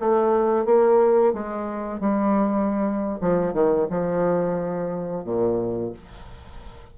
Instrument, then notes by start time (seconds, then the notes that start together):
bassoon
0.00 A3
0.66 A#3
1.34 G#3
2.01 G3
3.21 F3
3.54 D#3
3.90 F3
5.25 A#2